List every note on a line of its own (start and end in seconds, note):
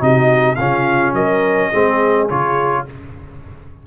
0.00 0.58 C3
0.00 0.57 D#4
0.00 0.57 F#4
0.00 0.56 D#5
0.56 1.13 C#3
0.56 1.73 C#4
0.56 1.15 F4
0.56 1.13 F5
1.13 1.70 F#3
1.13 1.71 A#4
1.13 2.28 D#5
1.71 2.30 G#3
1.71 2.29 C4
1.71 2.84 G#4
2.29 2.87 C#3
2.29 2.87 F4
2.29 2.86 C#5